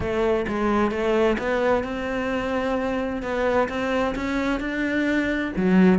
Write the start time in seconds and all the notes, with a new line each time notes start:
0.00 A3
0.48 G#3
0.91 A3
1.38 B3
1.83 C4
3.22 B3
3.68 C4
4.15 C#4
4.59 D4
5.56 F#3